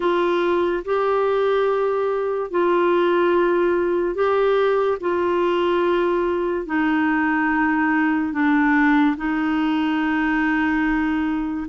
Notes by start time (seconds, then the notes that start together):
0.00 F4
0.84 G4
2.50 F4
4.14 G4
5.00 F4
6.66 D#4
8.32 D4
9.16 D#4